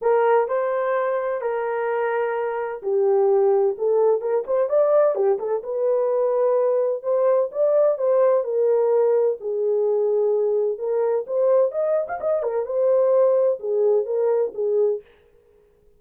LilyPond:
\new Staff \with { instrumentName = "horn" } { \time 4/4 \tempo 4 = 128 ais'4 c''2 ais'4~ | ais'2 g'2 | a'4 ais'8 c''8 d''4 g'8 a'8 | b'2. c''4 |
d''4 c''4 ais'2 | gis'2. ais'4 | c''4 dis''8. f''16 dis''8 ais'8 c''4~ | c''4 gis'4 ais'4 gis'4 | }